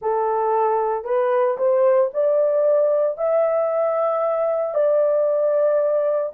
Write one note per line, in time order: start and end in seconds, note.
0.01 1.04 A4
1.04 1.57 B4
1.57 2.10 C5
2.13 3.17 D5
3.17 4.74 E5
4.74 6.32 D5